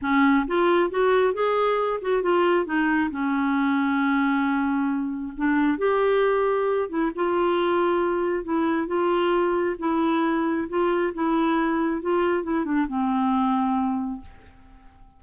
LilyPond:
\new Staff \with { instrumentName = "clarinet" } { \time 4/4 \tempo 4 = 135 cis'4 f'4 fis'4 gis'4~ | gis'8 fis'8 f'4 dis'4 cis'4~ | cis'1 | d'4 g'2~ g'8 e'8 |
f'2. e'4 | f'2 e'2 | f'4 e'2 f'4 | e'8 d'8 c'2. | }